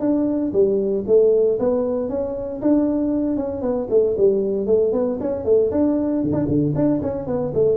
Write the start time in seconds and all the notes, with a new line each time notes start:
0.00 D4
0.52 G3
1.07 A3
1.59 B3
2.09 C#4
2.61 D4
3.36 C#4
3.61 B3
3.90 A3
4.17 G3
4.66 A3
4.92 B3
5.20 C#4
5.45 A3
5.71 D4
6.23 D3
6.33 D4
6.47 D3
6.75 D4
7.02 C#4
7.26 B3
7.54 A3